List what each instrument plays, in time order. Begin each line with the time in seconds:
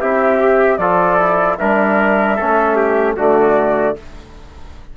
0.00 bassoon C4, trombone E4, trumpet G4, flute E5
0.39 trombone G4
0.77 bassoon F3, trombone F4, trumpet A4, flute D5
1.19 trombone E4
1.57 bassoon G3, trombone D4, trumpet A#4, flute E5
2.36 bassoon A3, trombone C#4, trumpet A4
2.75 trumpet G4
3.16 bassoon D3, trombone A3, trumpet F#4, flute D5